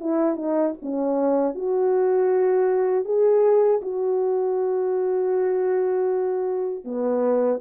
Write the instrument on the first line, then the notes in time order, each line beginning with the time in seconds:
horn
0.00 E4
0.36 D#4
0.82 C#4
1.55 F#4
3.05 G#4
3.82 F#4
6.85 B3